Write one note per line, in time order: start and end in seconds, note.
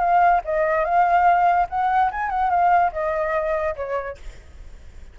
0.00 0.41 F5
0.45 0.85 D#5
0.85 1.68 F5
1.70 2.11 F#5
2.12 2.30 G#5
2.30 2.51 F#5
2.51 2.92 F5
2.92 3.75 D#5
3.76 4.18 C#5